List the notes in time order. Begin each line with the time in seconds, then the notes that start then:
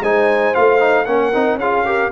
0.00 G#3 D#4 C5 G#5
0.54 A3 F4 F5
0.79 D#4
1.05 A#3 C#4 A#4 F#5
1.34 C4 D#4
1.55 C#4 G#4 F5
1.61 F4
1.85 G4 A#4